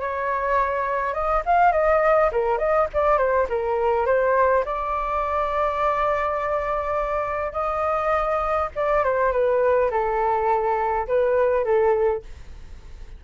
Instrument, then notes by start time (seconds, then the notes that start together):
flute
0.00 C#5
1.14 D#5
1.45 F5
1.72 D#5
2.32 A#4
2.58 D#5
2.94 D5
3.18 C5
3.49 A#4
4.06 C5
4.65 D5
7.53 D#5
8.76 D5
9.04 C5
9.32 B4
9.91 A4
11.08 B4
11.64 A4